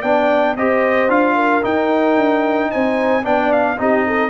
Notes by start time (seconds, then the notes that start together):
0.00 B3 D4 D5 G5
0.56 C4 G4 C5 D#5
1.08 D4 F4 F5
1.35 A#4
1.62 D#4 G5
2.16 D4
2.71 C4 C5 G#5
3.22 B3 D4 D5 G5
3.52 F5
3.77 C4 D#4 G4 D#5
4.06 A4